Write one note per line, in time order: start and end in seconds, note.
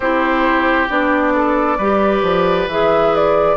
0.00 0.87 C4
0.00 0.88 E4
0.00 1.33 G4
0.00 0.87 C5
0.88 1.78 B3
0.88 1.78 D4
0.88 2.69 D5
1.34 1.77 A4
1.77 2.22 G3
1.77 2.70 G4
1.77 3.56 B4
2.22 2.66 F3
2.66 3.56 E3
2.66 3.57 G#4
2.66 3.15 E5
3.15 3.57 D5